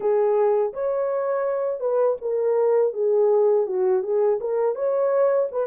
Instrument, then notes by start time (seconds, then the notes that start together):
horn
0.00 G#4
0.73 C#5
1.80 B4
2.21 A#4
2.93 G#4
3.66 F#4
4.02 G#4
4.40 A#4
4.75 C#5
5.51 B4